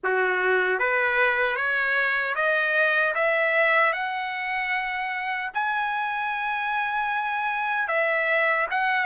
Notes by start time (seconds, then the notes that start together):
0.03 F#4
0.79 B4
1.55 C#5
2.35 D#5
3.14 E5
3.93 F#5
5.53 G#5
7.87 E5
8.70 F#5